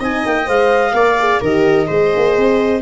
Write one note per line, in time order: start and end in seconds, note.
0.00 0.24 C4
0.00 0.45 D#4
0.00 0.94 D#5
0.00 0.26 G#5
0.26 0.48 A#3
0.26 0.49 G5
0.45 0.93 G#3
0.45 0.92 C5
0.45 1.42 F5
0.93 1.40 A#3
0.93 1.17 A#4
0.93 1.41 D5
1.20 1.43 G#4
1.41 1.89 D#3
1.41 1.87 G4
1.41 1.88 A#4
1.41 2.82 D#5
1.87 2.14 G#3
1.87 2.81 G#4
1.87 2.81 C5
2.16 2.37 A#3
2.37 2.82 C4